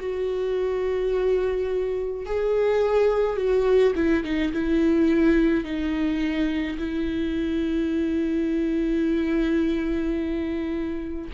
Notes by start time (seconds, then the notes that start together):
0.00 F#4
2.26 G#4
3.37 F#4
3.96 E4
4.24 D#4
4.52 E4
5.64 D#4
6.78 E4